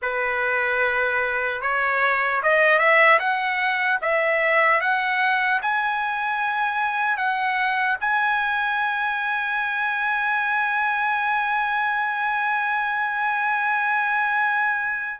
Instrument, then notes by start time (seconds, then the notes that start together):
trumpet
0.01 B4
1.61 C#5
2.42 D#5
2.79 E5
3.19 F#5
4.01 E5
4.80 F#5
5.62 G#5
7.17 F#5
8.00 G#5